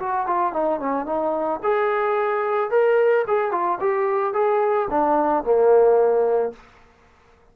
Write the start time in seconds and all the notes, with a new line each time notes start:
0.00 F#4
0.27 F4
0.53 D#4
0.80 C#4
1.06 D#4
1.63 G#4
2.71 A#4
3.28 G#4
3.52 F4
3.81 G4
4.34 G#4
4.90 D4
5.44 A#3